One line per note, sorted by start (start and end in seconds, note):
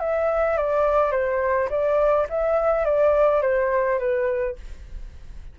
0.00 0.57 E5
0.58 1.12 D5
1.12 1.69 C5
1.70 2.27 D5
2.30 2.85 E5
2.85 3.42 D5
3.42 3.99 C5
3.99 4.56 B4